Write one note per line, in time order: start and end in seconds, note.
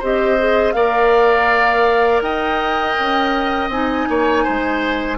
0.00 0.75 C4
0.00 0.39 G4
0.00 0.74 C5
0.00 0.73 D#5
0.39 0.75 G#4
0.73 2.22 A#3
0.73 3.71 A#4
0.73 2.24 D5
0.73 2.21 F5
2.22 2.96 D#4
2.22 4.09 D#5
2.22 3.71 G5
2.99 3.69 C#4
3.69 4.06 C4
3.69 5.18 D#4
3.69 5.18 G#5
4.09 4.46 A#3
4.09 4.44 C#5
4.44 5.18 G#3
4.44 5.18 C5